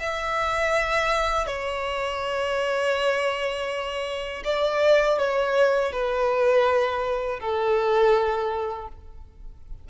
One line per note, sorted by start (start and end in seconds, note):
0.00 1.47 E5
1.47 4.43 C#5
4.44 5.18 D5
5.18 5.92 C#5
5.92 7.40 B4
7.40 8.88 A4